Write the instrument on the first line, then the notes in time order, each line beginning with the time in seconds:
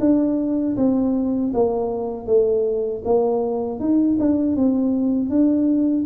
tuba
0.00 D4
0.76 C4
1.54 A#3
2.26 A3
3.05 A#3
3.80 D#4
4.20 D4
4.56 C4
5.30 D4